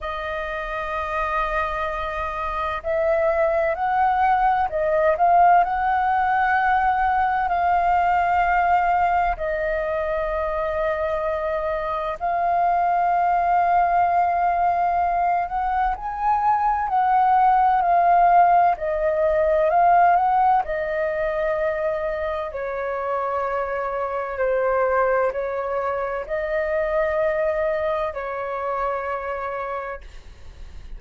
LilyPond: \new Staff \with { instrumentName = "flute" } { \time 4/4 \tempo 4 = 64 dis''2. e''4 | fis''4 dis''8 f''8 fis''2 | f''2 dis''2~ | dis''4 f''2.~ |
f''8 fis''8 gis''4 fis''4 f''4 | dis''4 f''8 fis''8 dis''2 | cis''2 c''4 cis''4 | dis''2 cis''2 | }